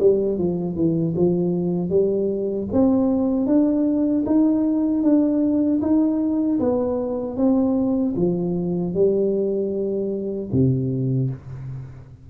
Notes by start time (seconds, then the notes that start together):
0.00 G3
0.38 F3
0.76 E3
1.16 F3
1.90 G3
2.72 C4
3.47 D4
4.26 D#4
5.03 D4
5.82 D#4
6.60 B3
7.37 C4
8.16 F3
8.94 G3
10.52 C3